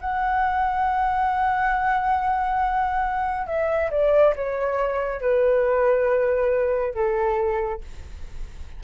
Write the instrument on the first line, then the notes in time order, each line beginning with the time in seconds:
flute
0.00 F#5
3.47 E5
3.91 D5
4.36 C#5
5.21 B4
6.94 A4